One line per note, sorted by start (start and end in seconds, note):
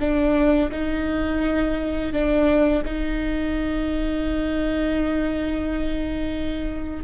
0.00 0.71 D4
0.72 2.13 D#4
2.13 2.83 D4
2.86 7.05 D#4